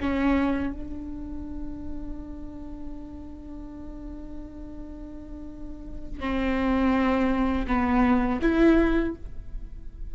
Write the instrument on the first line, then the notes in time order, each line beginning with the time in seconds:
viola
0.00 C#4
0.73 D4
6.20 C4
7.67 B3
8.41 E4